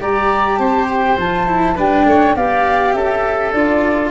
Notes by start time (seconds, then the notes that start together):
0.00 G3 G4 D5 A#5
0.57 C4 C5 A5
0.89 G5
1.18 F3 F4 A5
1.47 E4
1.75 G3 D4 B4 G5
2.05 A3 C#5
2.36 B3 G4 D5 F5
2.93 C#4 A4 E5
3.52 D4 F4 D5